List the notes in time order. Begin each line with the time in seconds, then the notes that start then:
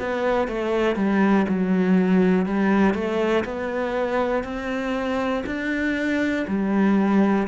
0.00 B3
0.48 A3
0.96 G3
1.49 F#3
2.46 G3
2.95 A3
3.45 B3
4.45 C4
5.47 D4
6.48 G3